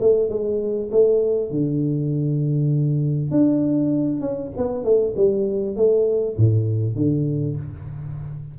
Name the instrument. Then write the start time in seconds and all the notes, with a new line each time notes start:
tuba
0.00 A3
0.29 G#3
0.91 A3
1.51 D3
3.31 D4
4.21 C#4
4.57 B3
4.84 A3
5.16 G3
5.76 A3
6.37 A2
6.95 D3